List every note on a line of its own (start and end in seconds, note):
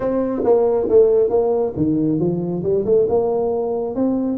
0.00 0.42 C4
0.44 0.88 A#3
0.89 1.29 A3
1.29 1.73 A#3
1.76 2.19 D#3
2.19 2.63 F3
2.63 2.85 G3
2.85 3.07 A3
3.08 3.95 A#3
3.95 4.37 C4